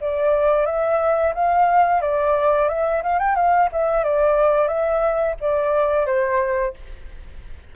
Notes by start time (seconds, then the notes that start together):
0.00 D5
0.66 E5
1.34 F5
2.01 D5
2.68 E5
3.03 F5
3.19 G5
3.35 F5
3.72 E5
4.03 D5
4.68 E5
5.40 D5
6.06 C5